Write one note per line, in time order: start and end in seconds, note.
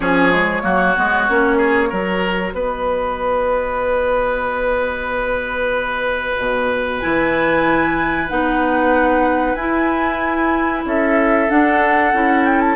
0.00 0.62 F3
0.00 0.31 C#4
0.00 0.62 G#4
0.00 2.54 C#5
0.31 0.62 G#3
0.62 0.95 F#3
0.62 0.94 A#3
0.62 1.57 F#4
0.96 1.29 G#3
0.96 1.28 B3
1.29 1.92 A#3
1.29 1.90 C#4
1.57 1.89 G#4
1.89 2.53 F#3
1.89 7.01 F#4
1.89 2.53 A#4
2.53 6.36 B3
2.53 10.84 B4
2.53 6.99 D#5
6.38 7.02 B2
6.99 8.30 E3
6.99 8.28 E4
6.99 8.27 G#5
8.28 9.55 B3
8.28 9.57 D#4
8.28 9.55 F#5
9.55 10.82 E4
9.55 11.49 E4
9.55 10.82 G#5
10.85 11.49 C#4
10.85 12.76 A4
10.85 11.49 E5
11.49 12.12 D4
11.49 12.13 D4
11.49 12.44 F#5
12.13 12.76 C#4
12.13 12.76 E4
12.44 12.60 G5
12.60 12.76 A5